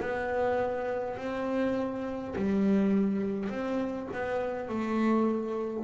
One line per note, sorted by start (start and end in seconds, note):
0.00 1.17 B3
1.17 2.35 C4
2.36 3.49 G3
3.49 4.08 C4
4.13 4.68 B3
4.68 5.84 A3